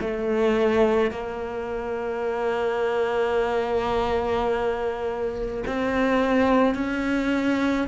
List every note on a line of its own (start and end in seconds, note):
0.00 1.11 A3
1.11 5.63 A#3
5.66 6.75 C4
6.75 7.88 C#4